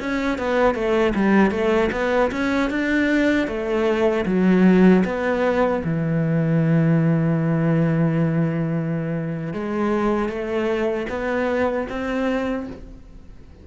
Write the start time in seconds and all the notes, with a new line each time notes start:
0.00 C#4
0.38 B3
0.75 A3
1.15 G3
1.51 A3
1.92 B3
2.32 C#4
2.71 D4
3.47 A3
4.26 F#3
5.05 B3
5.84 E3
9.53 G#3
10.29 A3
11.10 B3
11.89 C4